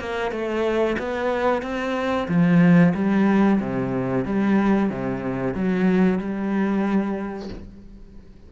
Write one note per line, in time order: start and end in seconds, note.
0.00 0.31 A#3
0.31 0.97 A3
0.99 1.62 B3
1.62 2.27 C4
2.29 2.94 F3
2.95 3.60 G3
3.60 4.25 C3
4.25 4.90 G3
4.90 5.55 C3
5.55 6.19 F#3
6.19 7.49 G3